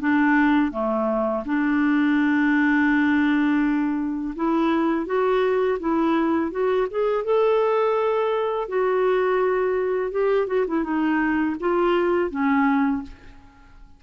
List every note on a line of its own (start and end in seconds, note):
0.00 0.72 D4
0.72 1.44 A3
1.46 4.35 D4
4.36 5.06 E4
5.06 5.79 F#4
5.80 6.51 E4
6.51 6.87 F#4
6.90 7.25 G#4
7.25 8.68 A4
8.68 10.11 F#4
10.11 10.48 G4
10.48 10.66 F#4
10.68 10.84 E4
10.84 11.56 D#4
11.60 12.31 F4
12.31 13.03 C#4